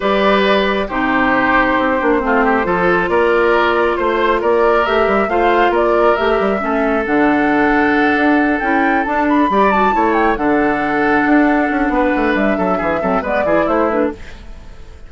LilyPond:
<<
  \new Staff \with { instrumentName = "flute" } { \time 4/4 \tempo 4 = 136 d''2 c''2~ | c''2. d''4~ | d''4 c''4 d''4 e''4 | f''4 d''4 e''2 |
fis''2.~ fis''8 g''8~ | g''8 a''8 b''4 a''4 g''8 fis''8~ | fis''1 | e''2 d''4 c''8 b'8 | }
  \new Staff \with { instrumentName = "oboe" } { \time 4/4 b'2 g'2~ | g'4 f'8 g'8 a'4 ais'4~ | ais'4 c''4 ais'2 | c''4 ais'2 a'4~ |
a'1~ | a'4. d''4 cis''4 a'8~ | a'2. b'4~ | b'8 a'8 gis'8 a'8 b'8 gis'8 e'4 | }
  \new Staff \with { instrumentName = "clarinet" } { \time 4/4 g'2 dis'2~ | dis'8 d'8 c'4 f'2~ | f'2. g'4 | f'2 g'4 cis'4 |
d'2.~ d'8 e'8~ | e'8 d'4 g'8 fis'8 e'4 d'8~ | d'1~ | d'4. c'8 b8 e'4 d'8 | }
  \new Staff \with { instrumentName = "bassoon" } { \time 4/4 g2 c2 | c'8 ais8 a4 f4 ais4~ | ais4 a4 ais4 a8 g8 | a4 ais4 a8 g8 a4 |
d2~ d8 d'4 cis'8~ | cis'8 d'4 g4 a4 d8~ | d4. d'4 cis'8 b8 a8 | g8 fis8 e8 fis8 gis8 e8 a4 | }
>>